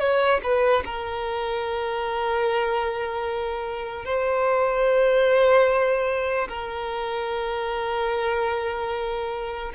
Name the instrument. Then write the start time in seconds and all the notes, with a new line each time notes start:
violin
0.00 C#5
0.43 B4
0.86 A#4
4.05 C5
6.49 A#4